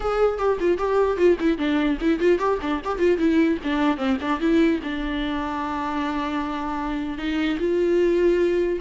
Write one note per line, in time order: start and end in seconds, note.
0.00 0.38 G#4
0.38 0.58 G4
0.60 0.78 F4
0.78 1.17 G4
1.17 1.37 F4
1.39 1.58 E4
1.58 1.98 D4
2.00 2.19 E4
2.19 2.38 F4
2.38 2.58 G4
2.61 2.81 D4
2.84 2.99 G4
2.99 3.18 F4
3.18 3.58 E4
3.63 3.97 D4
3.97 4.17 C4
4.21 4.39 D4
4.39 4.79 E4
4.83 7.18 D4
7.18 7.58 D#4
7.59 8.79 F4